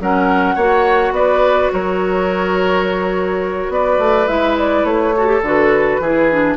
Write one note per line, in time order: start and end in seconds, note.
0.00 0.56 F#3
0.00 0.58 C#4
0.00 0.55 A#4
0.00 1.14 F#5
0.55 1.11 A#3
0.55 4.27 F#4
0.55 1.12 C#5
1.11 1.68 B3
1.11 1.72 B4
1.11 1.71 D5
1.73 3.69 F#3
1.73 3.73 A#4
1.73 3.72 C#5
3.69 3.97 B3
3.69 5.16 B4
3.69 4.27 D5
3.98 4.27 A3
4.27 4.84 G#3
4.27 5.13 E4
4.27 4.56 E5
4.58 4.85 D5
4.84 5.41 A3
4.84 5.42 C#5
5.16 5.26 F#4
5.16 6.01 A4
5.26 5.41 G4
5.41 5.98 D3
5.41 6.02 F#4
5.41 6.56 B4
6.00 6.56 E3
6.00 6.31 E4
6.00 6.56 G#4
6.31 6.56 D4